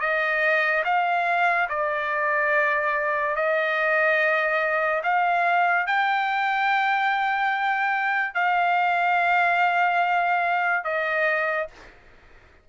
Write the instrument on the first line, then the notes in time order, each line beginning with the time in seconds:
trumpet
0.00 D#5
0.85 F5
1.69 D5
3.36 D#5
5.03 F5
5.87 G5
8.34 F5
10.84 D#5